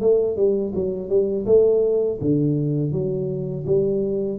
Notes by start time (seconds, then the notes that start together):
0.00 A3
0.36 G3
0.75 F#3
1.09 G3
1.46 A3
2.21 D3
2.92 F#3
3.66 G3